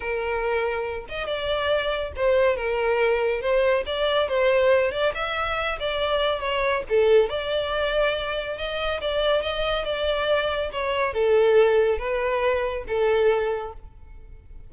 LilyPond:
\new Staff \with { instrumentName = "violin" } { \time 4/4 \tempo 4 = 140 ais'2~ ais'8 dis''8 d''4~ | d''4 c''4 ais'2 | c''4 d''4 c''4. d''8 | e''4. d''4. cis''4 |
a'4 d''2. | dis''4 d''4 dis''4 d''4~ | d''4 cis''4 a'2 | b'2 a'2 | }